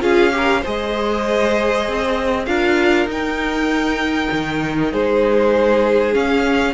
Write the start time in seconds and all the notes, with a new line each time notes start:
0.00 C#4 F4 G#4 F5
0.32 G4 A#4
0.61 G#3 G#4 C5 D#5
1.88 C4
2.45 D4 F4 A#4 F5
3.06 D#4 G5
4.31 D#3
4.91 G#3 G#4 C5
6.12 C#4 F5